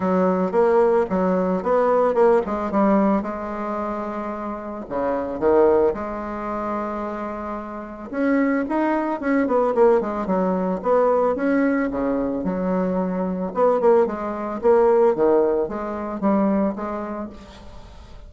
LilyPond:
\new Staff \with { instrumentName = "bassoon" } { \time 4/4 \tempo 4 = 111 fis4 ais4 fis4 b4 | ais8 gis8 g4 gis2~ | gis4 cis4 dis4 gis4~ | gis2. cis'4 |
dis'4 cis'8 b8 ais8 gis8 fis4 | b4 cis'4 cis4 fis4~ | fis4 b8 ais8 gis4 ais4 | dis4 gis4 g4 gis4 | }